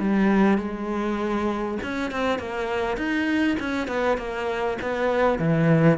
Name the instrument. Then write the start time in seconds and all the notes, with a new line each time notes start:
cello
0.00 G3
0.59 G#3
1.83 C#4
2.12 C4
2.39 A#3
2.98 D#4
3.60 C#4
3.88 B3
4.18 A#3
4.82 B3
5.39 E3